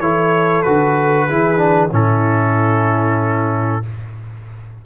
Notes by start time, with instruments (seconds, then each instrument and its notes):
0.00 tuba E3, trombone E4, horn A4, trumpet C#5
0.63 tuba D3, trombone F#4, trumpet B4
1.28 tuba E3, trombone E4, horn G#4
1.57 trombone D4
1.92 tuba A2, trombone C#4, horn E4, trumpet A4